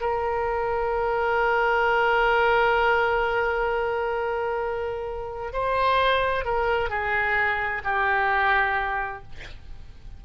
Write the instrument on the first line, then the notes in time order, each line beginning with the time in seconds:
oboe
0.00 A#4
5.53 C5
6.44 A#4
6.89 G#4
7.84 G4